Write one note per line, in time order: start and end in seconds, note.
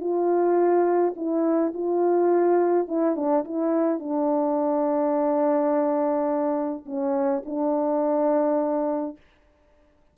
0.00 1.14 F4
1.16 1.73 E4
1.74 2.88 F4
2.88 3.16 E4
3.16 3.44 D4
3.44 3.99 E4
3.99 6.85 D4
6.86 7.43 C#4
7.45 9.17 D4